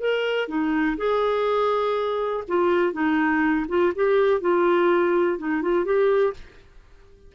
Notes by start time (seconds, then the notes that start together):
0.00 A#4
0.48 D#4
0.97 G#4
2.48 F4
2.93 D#4
3.68 F4
3.95 G4
4.41 F4
5.38 D#4
5.62 F4
5.85 G4